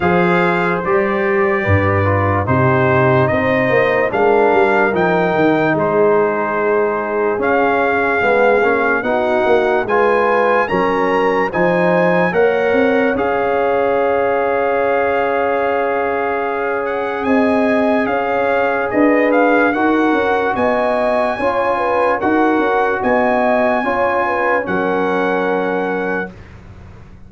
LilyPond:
<<
  \new Staff \with { instrumentName = "trumpet" } { \time 4/4 \tempo 4 = 73 f''4 d''2 c''4 | dis''4 f''4 g''4 c''4~ | c''4 f''2 fis''4 | gis''4 ais''4 gis''4 fis''4 |
f''1~ | f''8 fis''8 gis''4 f''4 dis''8 f''8 | fis''4 gis''2 fis''4 | gis''2 fis''2 | }
  \new Staff \with { instrumentName = "horn" } { \time 4/4 c''2 b'4 g'4 | c''4 ais'2 gis'4~ | gis'2. fis'4 | b'4 ais'4 c''4 cis''4~ |
cis''1~ | cis''4 dis''4 cis''4 b'4 | ais'4 dis''4 cis''8 b'8 ais'4 | dis''4 cis''8 b'8 ais'2 | }
  \new Staff \with { instrumentName = "trombone" } { \time 4/4 gis'4 g'4. f'8 dis'4~ | dis'4 d'4 dis'2~ | dis'4 cis'4 b8 cis'8 dis'4 | f'4 cis'4 dis'4 ais'4 |
gis'1~ | gis'1 | fis'2 f'4 fis'4~ | fis'4 f'4 cis'2 | }
  \new Staff \with { instrumentName = "tuba" } { \time 4/4 f4 g4 g,4 c4 | c'8 ais8 gis8 g8 f8 dis8 gis4~ | gis4 cis'4 gis8 ais8 b8 ais8 | gis4 fis4 f4 ais8 c'8 |
cis'1~ | cis'4 c'4 cis'4 d'4 | dis'8 cis'8 b4 cis'4 dis'8 cis'8 | b4 cis'4 fis2 | }
>>